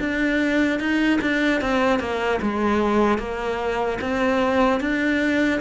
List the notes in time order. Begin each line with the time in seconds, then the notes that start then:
0.00 D4
0.80 D#4
1.21 D4
1.61 C4
2.00 A#3
2.42 G#3
3.19 A#3
4.01 C4
4.81 D4